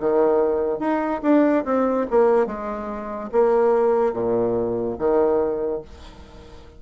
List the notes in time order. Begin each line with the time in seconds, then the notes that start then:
0.00 D#3
0.79 D#4
1.23 D4
1.65 C4
2.10 A#3
2.47 G#3
3.32 A#3
4.13 A#2
4.98 D#3